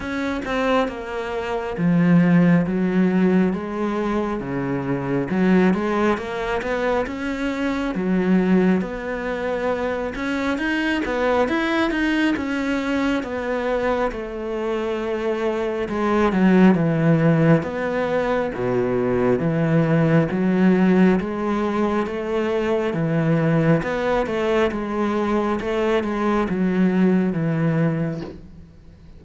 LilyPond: \new Staff \with { instrumentName = "cello" } { \time 4/4 \tempo 4 = 68 cis'8 c'8 ais4 f4 fis4 | gis4 cis4 fis8 gis8 ais8 b8 | cis'4 fis4 b4. cis'8 | dis'8 b8 e'8 dis'8 cis'4 b4 |
a2 gis8 fis8 e4 | b4 b,4 e4 fis4 | gis4 a4 e4 b8 a8 | gis4 a8 gis8 fis4 e4 | }